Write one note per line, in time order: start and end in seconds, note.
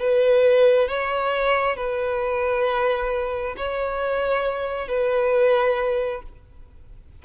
0.00 0.89 B4
0.89 1.77 C#5
1.77 3.56 B4
3.57 4.88 C#5
4.88 6.22 B4